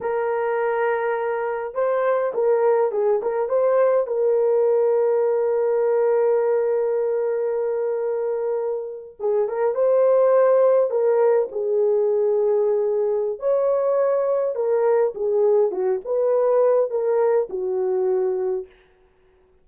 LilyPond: \new Staff \with { instrumentName = "horn" } { \time 4/4 \tempo 4 = 103 ais'2. c''4 | ais'4 gis'8 ais'8 c''4 ais'4~ | ais'1~ | ais'2.~ ais'8. gis'16~ |
gis'16 ais'8 c''2 ais'4 gis'16~ | gis'2. cis''4~ | cis''4 ais'4 gis'4 fis'8 b'8~ | b'4 ais'4 fis'2 | }